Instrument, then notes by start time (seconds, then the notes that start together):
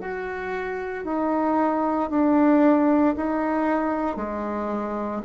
bassoon
0.00 F#4
1.05 D#4
2.10 D4
3.16 D#4
4.16 G#3